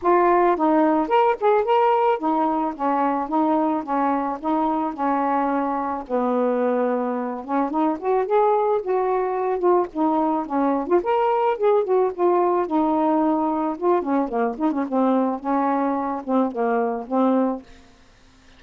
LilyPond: \new Staff \with { instrumentName = "saxophone" } { \time 4/4 \tempo 4 = 109 f'4 dis'4 ais'8 gis'8 ais'4 | dis'4 cis'4 dis'4 cis'4 | dis'4 cis'2 b4~ | b4. cis'8 dis'8 fis'8 gis'4 |
fis'4. f'8 dis'4 cis'8. f'16 | ais'4 gis'8 fis'8 f'4 dis'4~ | dis'4 f'8 cis'8 ais8 dis'16 cis'16 c'4 | cis'4. c'8 ais4 c'4 | }